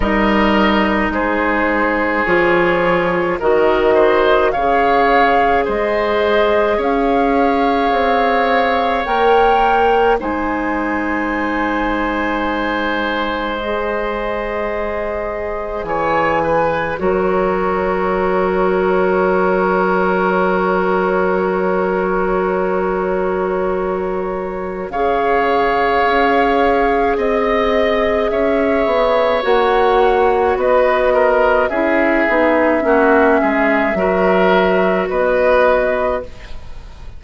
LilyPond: <<
  \new Staff \with { instrumentName = "flute" } { \time 4/4 \tempo 4 = 53 dis''4 c''4 cis''4 dis''4 | f''4 dis''4 f''2 | g''4 gis''2. | dis''2 gis''4 cis''4~ |
cis''1~ | cis''2 f''2 | dis''4 e''4 fis''4 dis''4 | e''2. dis''4 | }
  \new Staff \with { instrumentName = "oboe" } { \time 4/4 ais'4 gis'2 ais'8 c''8 | cis''4 c''4 cis''2~ | cis''4 c''2.~ | c''2 cis''8 b'8 ais'4~ |
ais'1~ | ais'2 cis''2 | dis''4 cis''2 b'8 ais'8 | gis'4 fis'8 gis'8 ais'4 b'4 | }
  \new Staff \with { instrumentName = "clarinet" } { \time 4/4 dis'2 f'4 fis'4 | gis'1 | ais'4 dis'2. | gis'2. fis'4~ |
fis'1~ | fis'2 gis'2~ | gis'2 fis'2 | e'8 dis'8 cis'4 fis'2 | }
  \new Staff \with { instrumentName = "bassoon" } { \time 4/4 g4 gis4 f4 dis4 | cis4 gis4 cis'4 c'4 | ais4 gis2.~ | gis2 e4 fis4~ |
fis1~ | fis2 cis4 cis'4 | c'4 cis'8 b8 ais4 b4 | cis'8 b8 ais8 gis8 fis4 b4 | }
>>